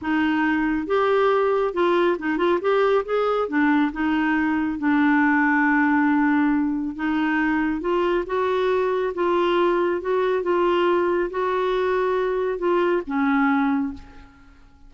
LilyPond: \new Staff \with { instrumentName = "clarinet" } { \time 4/4 \tempo 4 = 138 dis'2 g'2 | f'4 dis'8 f'8 g'4 gis'4 | d'4 dis'2 d'4~ | d'1 |
dis'2 f'4 fis'4~ | fis'4 f'2 fis'4 | f'2 fis'2~ | fis'4 f'4 cis'2 | }